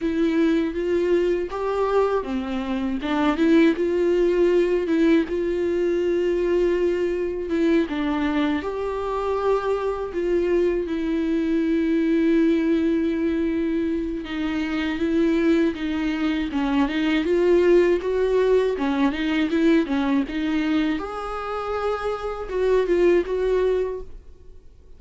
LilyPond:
\new Staff \with { instrumentName = "viola" } { \time 4/4 \tempo 4 = 80 e'4 f'4 g'4 c'4 | d'8 e'8 f'4. e'8 f'4~ | f'2 e'8 d'4 g'8~ | g'4. f'4 e'4.~ |
e'2. dis'4 | e'4 dis'4 cis'8 dis'8 f'4 | fis'4 cis'8 dis'8 e'8 cis'8 dis'4 | gis'2 fis'8 f'8 fis'4 | }